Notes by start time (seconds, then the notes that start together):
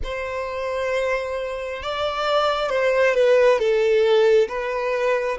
0.03 C5
1.82 D5
2.69 C5
3.14 B4
3.58 A4
4.48 B4